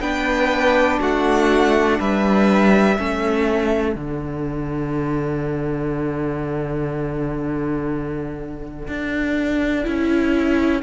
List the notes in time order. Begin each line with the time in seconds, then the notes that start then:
0.00 B3 D4 B4 G5
1.00 A3 F#4 F#5
1.99 G3 B4 E5
2.97 A3 C#4 A4
3.95 D3 D4 F#5
8.88 D4
9.84 C#4 E4